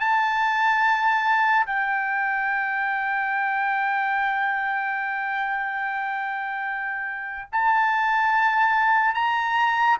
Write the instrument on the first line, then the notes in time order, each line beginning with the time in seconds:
trumpet
0.00 A5
1.66 G5
7.52 A5
9.14 A#5